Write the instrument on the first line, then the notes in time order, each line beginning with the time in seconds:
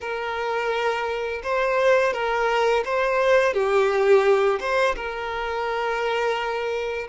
violin
0.00 A#4
1.43 C5
2.13 A#4
2.84 C5
3.53 G4
4.60 C5
4.95 A#4